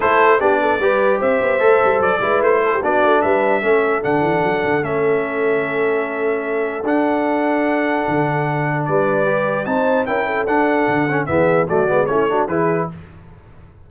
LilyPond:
<<
  \new Staff \with { instrumentName = "trumpet" } { \time 4/4 \tempo 4 = 149 c''4 d''2 e''4~ | e''4 d''4 c''4 d''4 | e''2 fis''2 | e''1~ |
e''4 fis''2.~ | fis''2 d''2 | a''4 g''4 fis''2 | e''4 d''4 cis''4 b'4 | }
  \new Staff \with { instrumentName = "horn" } { \time 4/4 a'4 g'8 a'8 b'4 c''4~ | c''4. b'4 a'16 g'16 fis'4 | b'4 a'2.~ | a'1~ |
a'1~ | a'2 b'2 | c''4 ais'8 a'2~ a'8 | gis'4 fis'4 e'8 fis'8 gis'4 | }
  \new Staff \with { instrumentName = "trombone" } { \time 4/4 e'4 d'4 g'2 | a'4. e'4. d'4~ | d'4 cis'4 d'2 | cis'1~ |
cis'4 d'2.~ | d'2. g'4 | dis'4 e'4 d'4. cis'8 | b4 a8 b8 cis'8 d'8 e'4 | }
  \new Staff \with { instrumentName = "tuba" } { \time 4/4 a4 b4 g4 c'8 b8 | a8 g8 fis8 gis8 a4 b8 a8 | g4 a4 d8 e8 fis8 d8 | a1~ |
a4 d'2. | d2 g2 | c'4 cis'4 d'4 d4 | e4 fis8 gis8 a4 e4 | }
>>